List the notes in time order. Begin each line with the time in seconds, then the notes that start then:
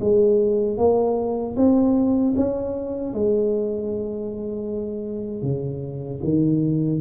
0.00 G#3
0.77 A#3
1.56 C4
2.36 C#4
3.13 G#3
5.42 C#3
6.23 D#3